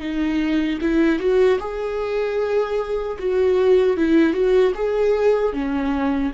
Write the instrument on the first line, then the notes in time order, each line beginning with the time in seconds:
viola
0.00 D#4
0.81 E4
1.20 F#4
1.60 G#4
3.19 F#4
3.97 E4
4.34 F#4
4.75 G#4
5.53 C#4